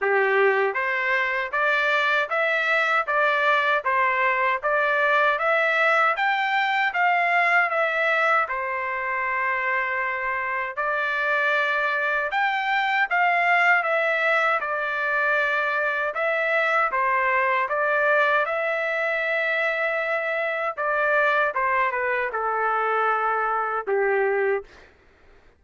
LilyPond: \new Staff \with { instrumentName = "trumpet" } { \time 4/4 \tempo 4 = 78 g'4 c''4 d''4 e''4 | d''4 c''4 d''4 e''4 | g''4 f''4 e''4 c''4~ | c''2 d''2 |
g''4 f''4 e''4 d''4~ | d''4 e''4 c''4 d''4 | e''2. d''4 | c''8 b'8 a'2 g'4 | }